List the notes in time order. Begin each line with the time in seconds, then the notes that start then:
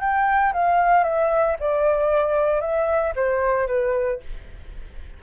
0.00 G5
0.53 F5
1.03 E5
1.59 D5
2.60 E5
3.16 C5
3.67 B4